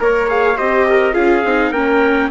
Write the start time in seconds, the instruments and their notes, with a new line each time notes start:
0.00 bassoon A#3, trumpet A#4 C#5, viola A#4
0.28 viola G#4, trumpet F5
0.57 bassoon C4, viola G4, trumpet C5 D#5
0.89 trumpet A#4
1.13 bassoon C#4, viola F4, trumpet G#4 F5
1.44 bassoon C4, viola D#4
1.71 bassoon A#3, viola C#4, trumpet A#4 G5